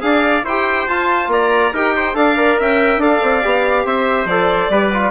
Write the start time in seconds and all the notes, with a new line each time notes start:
0.00 D4 G#4 D5 F5
0.43 E4 G4 C5 G5
0.87 F4 A5
1.27 A#3 D5 A#5
1.73 D#4 G4 A#4 G5
1.95 C5
2.13 D4 A4 D5 F5
2.36 A#4
2.59 C#4 E5 G5
2.97 D4 A4 D5 F5
3.22 C4
3.41 B3 G4
3.85 C4 C5 E5
4.24 F3 A4 D5
4.69 G3 G4 B4
4.93 F4